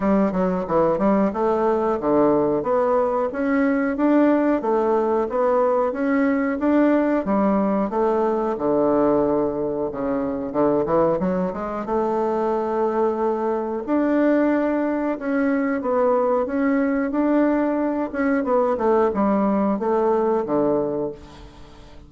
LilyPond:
\new Staff \with { instrumentName = "bassoon" } { \time 4/4 \tempo 4 = 91 g8 fis8 e8 g8 a4 d4 | b4 cis'4 d'4 a4 | b4 cis'4 d'4 g4 | a4 d2 cis4 |
d8 e8 fis8 gis8 a2~ | a4 d'2 cis'4 | b4 cis'4 d'4. cis'8 | b8 a8 g4 a4 d4 | }